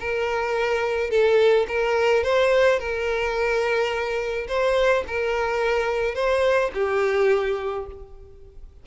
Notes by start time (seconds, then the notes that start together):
0.00 A#4
1.11 A4
1.68 A#4
2.24 C5
2.79 A#4
4.48 C5
5.07 A#4
6.15 C5
6.74 G4